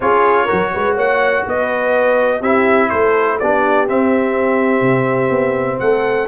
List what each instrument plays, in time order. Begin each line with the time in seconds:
0.00 tuba C#4, trombone F4, horn G#4, trumpet C#5
0.44 trombone F#4, horn A#4
0.52 tuba F#3
0.73 tuba G#3, horn B4
0.94 tuba A#3, horn C#5, trumpet F#5
1.46 tuba B3, horn B4, trumpet D#5
2.40 tuba C4, trombone E4, horn G4, trumpet E5
2.89 tuba A3, horn A4, trumpet C5
3.39 tuba B3, trombone D4, horn G4, trumpet D5
3.87 trombone C4, tuba C4, trumpet E5
4.81 tuba C3
5.29 tuba B3
5.79 tuba A3, horn A4, trumpet F#5